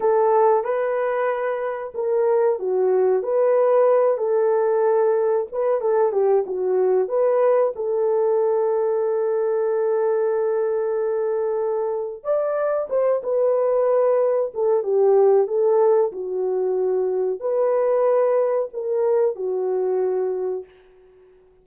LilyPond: \new Staff \with { instrumentName = "horn" } { \time 4/4 \tempo 4 = 93 a'4 b'2 ais'4 | fis'4 b'4. a'4.~ | a'8 b'8 a'8 g'8 fis'4 b'4 | a'1~ |
a'2. d''4 | c''8 b'2 a'8 g'4 | a'4 fis'2 b'4~ | b'4 ais'4 fis'2 | }